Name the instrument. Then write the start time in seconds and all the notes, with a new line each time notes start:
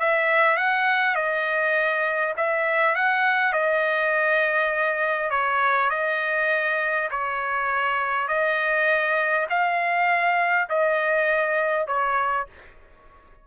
trumpet
0.00 E5
0.57 F#5
1.16 D#5
2.37 E5
2.95 F#5
3.53 D#5
5.31 C#5
5.91 D#5
7.11 C#5
8.28 D#5
9.50 F5
10.70 D#5
11.88 C#5